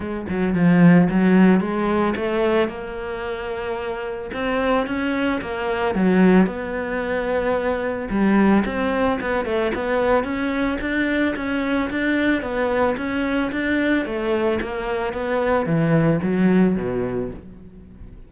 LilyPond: \new Staff \with { instrumentName = "cello" } { \time 4/4 \tempo 4 = 111 gis8 fis8 f4 fis4 gis4 | a4 ais2. | c'4 cis'4 ais4 fis4 | b2. g4 |
c'4 b8 a8 b4 cis'4 | d'4 cis'4 d'4 b4 | cis'4 d'4 a4 ais4 | b4 e4 fis4 b,4 | }